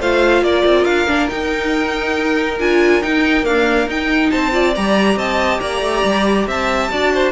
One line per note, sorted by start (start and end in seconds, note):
0.00 0.42 A3
0.00 1.07 F4
0.00 0.43 C5
0.00 0.44 F5
0.42 0.63 A#3
0.42 4.31 A#4
0.42 0.84 D5
0.65 0.85 C4
0.84 1.06 D4
0.84 1.28 F5
1.07 1.31 A#3
1.07 1.29 D4
1.29 2.58 D#4
1.29 2.60 D#4
1.29 2.59 G5
2.60 3.03 D4
2.60 3.02 F4
2.60 3.02 G#5
3.02 3.43 D#4
3.02 3.46 D#4
3.02 3.45 G5
3.43 3.86 A#3
3.43 3.87 D4
3.43 3.88 F5
3.87 4.30 D#4
3.87 4.52 D#4
3.87 4.31 G5
4.31 4.77 C4
4.31 4.52 C5
4.31 4.74 A5
4.52 4.73 F4
4.52 5.18 D5
4.75 5.16 G3
4.75 6.91 G4
4.75 5.18 A#5
5.16 5.60 C4
5.16 5.61 D#5
5.16 5.60 A5
5.60 5.81 A#3
5.60 6.47 D5
5.60 6.46 A#5
5.81 6.03 A3
6.04 6.47 G3
6.47 6.90 C4
6.47 6.91 E5
6.47 7.32 A5
6.91 7.32 D4
6.91 7.32 F#4
6.91 7.12 D5
7.14 7.32 C5